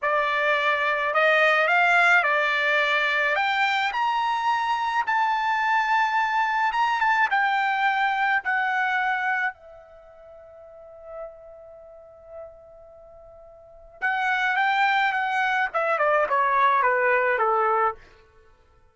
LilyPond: \new Staff \with { instrumentName = "trumpet" } { \time 4/4 \tempo 4 = 107 d''2 dis''4 f''4 | d''2 g''4 ais''4~ | ais''4 a''2. | ais''8 a''8 g''2 fis''4~ |
fis''4 e''2.~ | e''1~ | e''4 fis''4 g''4 fis''4 | e''8 d''8 cis''4 b'4 a'4 | }